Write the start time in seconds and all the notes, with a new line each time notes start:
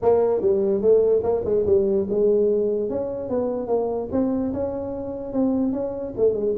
0.01 A#3
0.41 G3
0.81 A3
1.23 A#3
1.45 G#3
1.66 G3
2.09 G#3
2.89 C#4
3.29 B3
3.67 A#3
4.11 C4
4.53 C#4
5.32 C4
5.72 C#4
6.17 A3
6.33 G#3